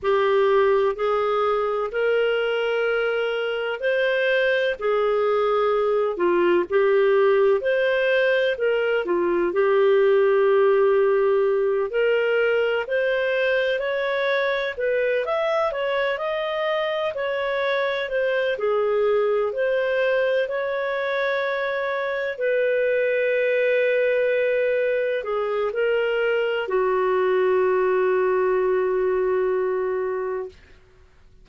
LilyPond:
\new Staff \with { instrumentName = "clarinet" } { \time 4/4 \tempo 4 = 63 g'4 gis'4 ais'2 | c''4 gis'4. f'8 g'4 | c''4 ais'8 f'8 g'2~ | g'8 ais'4 c''4 cis''4 b'8 |
e''8 cis''8 dis''4 cis''4 c''8 gis'8~ | gis'8 c''4 cis''2 b'8~ | b'2~ b'8 gis'8 ais'4 | fis'1 | }